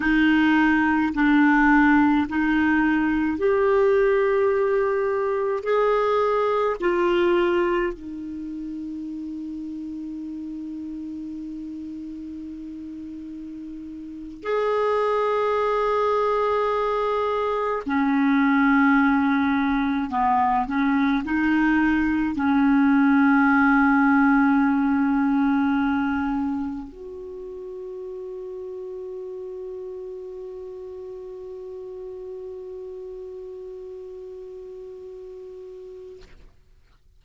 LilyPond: \new Staff \with { instrumentName = "clarinet" } { \time 4/4 \tempo 4 = 53 dis'4 d'4 dis'4 g'4~ | g'4 gis'4 f'4 dis'4~ | dis'1~ | dis'8. gis'2. cis'16~ |
cis'4.~ cis'16 b8 cis'8 dis'4 cis'16~ | cis'2.~ cis'8. fis'16~ | fis'1~ | fis'1 | }